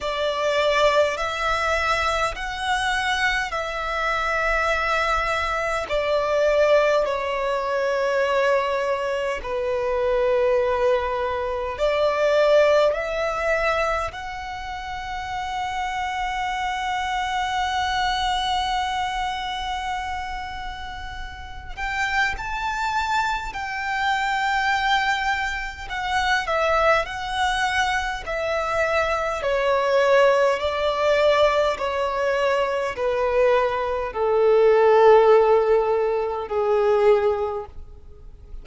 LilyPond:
\new Staff \with { instrumentName = "violin" } { \time 4/4 \tempo 4 = 51 d''4 e''4 fis''4 e''4~ | e''4 d''4 cis''2 | b'2 d''4 e''4 | fis''1~ |
fis''2~ fis''8 g''8 a''4 | g''2 fis''8 e''8 fis''4 | e''4 cis''4 d''4 cis''4 | b'4 a'2 gis'4 | }